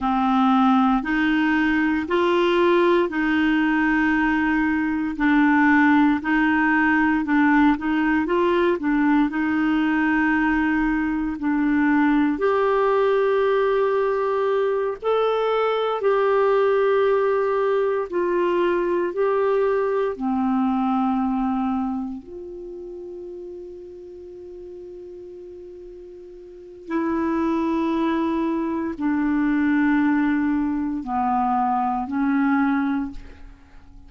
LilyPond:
\new Staff \with { instrumentName = "clarinet" } { \time 4/4 \tempo 4 = 58 c'4 dis'4 f'4 dis'4~ | dis'4 d'4 dis'4 d'8 dis'8 | f'8 d'8 dis'2 d'4 | g'2~ g'8 a'4 g'8~ |
g'4. f'4 g'4 c'8~ | c'4. f'2~ f'8~ | f'2 e'2 | d'2 b4 cis'4 | }